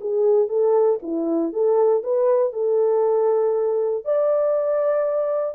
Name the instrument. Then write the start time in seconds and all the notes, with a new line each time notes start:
horn
0.00 G#4
0.48 A4
1.02 E4
1.53 A4
2.03 B4
2.53 A4
4.05 D5